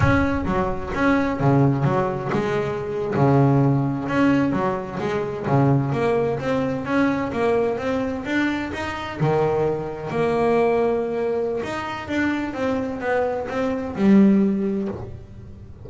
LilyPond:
\new Staff \with { instrumentName = "double bass" } { \time 4/4 \tempo 4 = 129 cis'4 fis4 cis'4 cis4 | fis4 gis4.~ gis16 cis4~ cis16~ | cis8. cis'4 fis4 gis4 cis16~ | cis8. ais4 c'4 cis'4 ais16~ |
ais8. c'4 d'4 dis'4 dis16~ | dis4.~ dis16 ais2~ ais16~ | ais4 dis'4 d'4 c'4 | b4 c'4 g2 | }